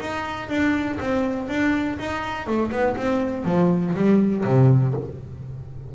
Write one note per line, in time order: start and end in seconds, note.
0.00 0.48 D#4
0.48 0.98 D4
0.99 1.48 C4
1.48 1.97 D4
1.98 2.46 D#4
2.46 2.71 A3
2.71 2.96 B3
2.96 3.44 C4
3.44 3.94 F3
3.94 4.44 G3
4.44 4.94 C3